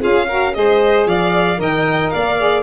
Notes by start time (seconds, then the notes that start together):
0.00 C#4 F4 G#4 F5
0.27 F#4 A#4
0.53 G#3 G#4 C5 D#5
1.06 F3 D5 F5
1.56 D#3 A#4 D#5 G5
2.10 A#3 D5 F5
2.38 G#4